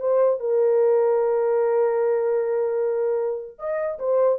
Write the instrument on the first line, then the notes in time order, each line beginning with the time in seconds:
horn
0.00 C5
0.40 A#4
3.59 D#5
3.99 C5